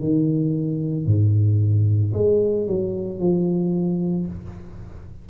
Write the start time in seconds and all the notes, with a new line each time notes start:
0.00 D#3
1.06 G#2
2.14 G#3
2.67 F#3
3.19 F3